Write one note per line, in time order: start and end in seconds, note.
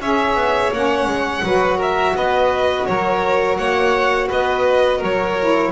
0.00 0.34 C#4
0.00 0.73 G#4
0.00 1.44 C#5
0.00 0.72 E5
0.34 0.70 B3
0.71 1.05 A#3
0.71 1.43 C#4
0.71 1.80 F#5
1.05 1.41 G#3
1.43 2.14 F#3
1.43 5.36 F#4
1.43 1.77 B4
1.77 2.13 A#4
1.77 2.16 E5
2.15 2.87 B3
2.15 2.88 B4
2.15 2.85 D#5
2.85 3.58 F#3
2.85 3.58 A#4
2.85 3.57 C#5
3.57 4.30 A#3
3.57 4.28 C#5
3.57 4.28 F#5
4.28 5.02 B3
4.28 4.98 B4
4.28 5.02 D#5
4.98 5.71 F#3
4.98 5.69 A#4
4.98 5.71 C#5
5.39 5.71 E4